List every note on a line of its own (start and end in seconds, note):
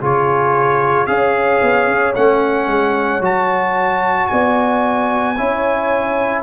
0.00 1.07 C#3
0.00 1.07 F4
0.00 1.07 G#4
0.00 1.06 C#5
1.06 1.60 C#4
1.06 2.14 G#4
1.06 4.31 C#5
1.06 2.13 F5
1.61 1.87 B3
1.87 2.13 C#4
2.15 2.67 A3
2.15 3.21 C#4
2.15 3.22 F#5
2.67 3.20 G#3
3.20 4.27 F#3
3.20 5.35 F#4
3.20 4.27 A5
4.27 5.39 B3
4.27 5.37 D5
4.27 6.41 G#5
5.37 6.43 C#4
5.37 6.43 E4
5.37 6.43 C#5